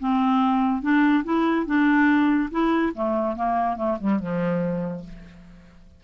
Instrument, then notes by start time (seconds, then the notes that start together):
clarinet
0.00 C4
0.82 D4
1.25 E4
1.66 D4
2.51 E4
2.95 A3
3.36 A#3
3.77 A3
4.01 G3
4.20 F3